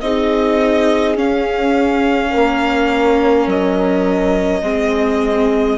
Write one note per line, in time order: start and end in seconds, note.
0.00 1.16 C4
0.00 1.15 D#4
0.00 2.31 G#4
0.00 1.15 D#5
1.15 4.61 C#4
1.15 2.32 C#4
1.15 3.49 F5
2.31 3.46 A#3
2.31 4.61 A#4
3.46 4.61 F#3
3.46 5.77 D#5
4.62 5.77 G#3
4.62 5.77 C4
4.62 5.77 G#4